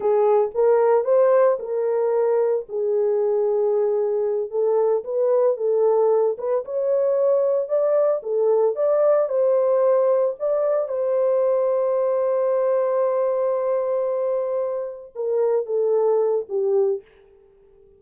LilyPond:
\new Staff \with { instrumentName = "horn" } { \time 4/4 \tempo 4 = 113 gis'4 ais'4 c''4 ais'4~ | ais'4 gis'2.~ | gis'8 a'4 b'4 a'4. | b'8 cis''2 d''4 a'8~ |
a'8 d''4 c''2 d''8~ | d''8 c''2.~ c''8~ | c''1~ | c''8 ais'4 a'4. g'4 | }